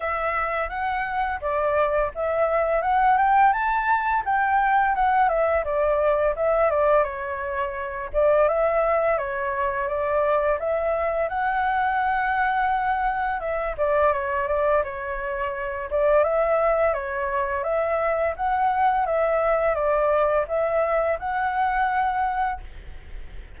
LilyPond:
\new Staff \with { instrumentName = "flute" } { \time 4/4 \tempo 4 = 85 e''4 fis''4 d''4 e''4 | fis''8 g''8 a''4 g''4 fis''8 e''8 | d''4 e''8 d''8 cis''4. d''8 | e''4 cis''4 d''4 e''4 |
fis''2. e''8 d''8 | cis''8 d''8 cis''4. d''8 e''4 | cis''4 e''4 fis''4 e''4 | d''4 e''4 fis''2 | }